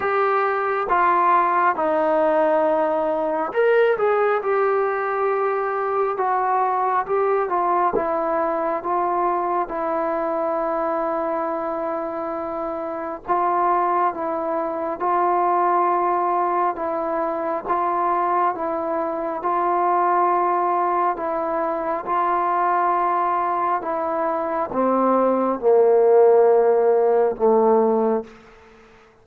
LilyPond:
\new Staff \with { instrumentName = "trombone" } { \time 4/4 \tempo 4 = 68 g'4 f'4 dis'2 | ais'8 gis'8 g'2 fis'4 | g'8 f'8 e'4 f'4 e'4~ | e'2. f'4 |
e'4 f'2 e'4 | f'4 e'4 f'2 | e'4 f'2 e'4 | c'4 ais2 a4 | }